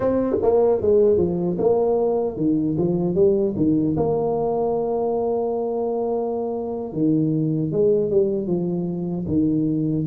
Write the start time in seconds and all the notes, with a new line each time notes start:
0.00 C4
0.42 A#3
0.81 G#3
1.17 F3
1.58 A#3
2.36 D#3
2.77 F3
3.14 G3
3.56 D#3
3.97 A#3
6.93 D#3
7.71 G#3
8.10 G3
8.47 F3
9.27 D#3